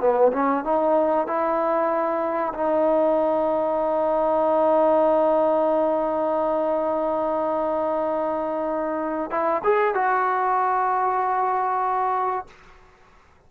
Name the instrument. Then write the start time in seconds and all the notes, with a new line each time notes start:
trombone
0.00 B3
0.32 C#4
0.64 D#4
1.27 E4
2.54 D#4
9.30 E4
9.64 G#4
9.94 F#4